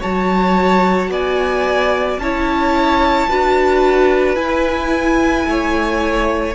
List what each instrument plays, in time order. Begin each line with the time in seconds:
0.00 cello F#3, viola F#4, violin C#5 A5
1.08 cello B3, violin D5 G#5
2.17 cello C#4, viola E4, violin C#5 A5
3.29 cello D4, viola F#4, violin B4
4.35 cello E4, viola E4, violin G#5
5.46 cello A3, violin C#5